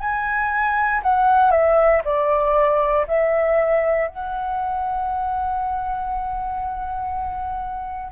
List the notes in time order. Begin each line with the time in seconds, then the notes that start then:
0.00 G#5
1.03 F#5
1.51 E5
2.05 D5
3.07 E5
4.08 F#5